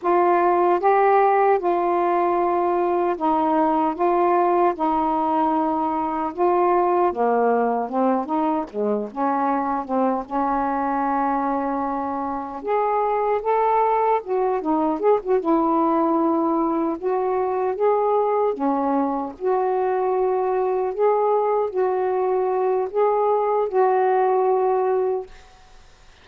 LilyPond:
\new Staff \with { instrumentName = "saxophone" } { \time 4/4 \tempo 4 = 76 f'4 g'4 f'2 | dis'4 f'4 dis'2 | f'4 ais4 c'8 dis'8 gis8 cis'8~ | cis'8 c'8 cis'2. |
gis'4 a'4 fis'8 dis'8 gis'16 fis'16 e'8~ | e'4. fis'4 gis'4 cis'8~ | cis'8 fis'2 gis'4 fis'8~ | fis'4 gis'4 fis'2 | }